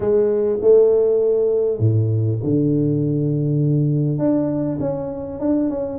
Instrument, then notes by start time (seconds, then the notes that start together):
tuba
0.00 G#3
0.61 A3
1.79 A2
2.43 D3
4.18 D4
4.80 C#4
5.40 D4
5.69 C#4